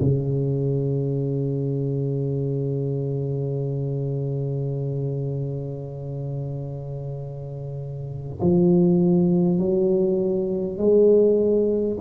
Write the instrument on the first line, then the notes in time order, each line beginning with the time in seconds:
tuba
0.00 C#3
8.41 F3
9.59 F#3
10.78 G#3